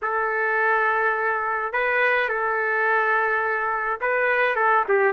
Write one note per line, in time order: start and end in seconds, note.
0.02 1.72 A4
1.72 2.28 B4
2.28 4.00 A4
4.01 4.55 B4
4.55 4.84 A4
4.88 5.12 G4